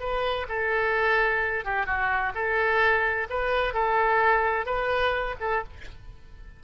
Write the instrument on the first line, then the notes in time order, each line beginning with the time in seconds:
oboe
0.00 B4
0.49 A4
1.65 G4
1.86 F#4
2.35 A4
3.30 B4
3.74 A4
4.66 B4
5.40 A4